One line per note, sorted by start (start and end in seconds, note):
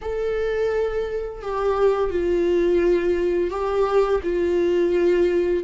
0.01 1.42 A4
1.42 2.10 G4
2.10 3.50 F4
3.50 4.21 G4
4.23 5.63 F4